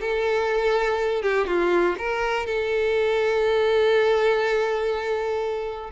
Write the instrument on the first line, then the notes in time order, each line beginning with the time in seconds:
violin
0.00 A4
1.22 G4
1.47 F4
1.98 A#4
2.46 A4